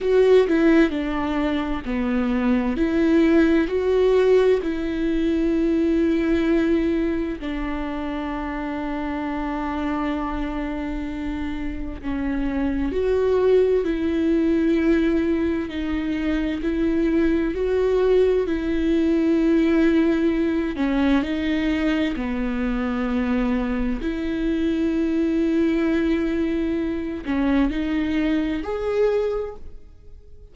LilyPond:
\new Staff \with { instrumentName = "viola" } { \time 4/4 \tempo 4 = 65 fis'8 e'8 d'4 b4 e'4 | fis'4 e'2. | d'1~ | d'4 cis'4 fis'4 e'4~ |
e'4 dis'4 e'4 fis'4 | e'2~ e'8 cis'8 dis'4 | b2 e'2~ | e'4. cis'8 dis'4 gis'4 | }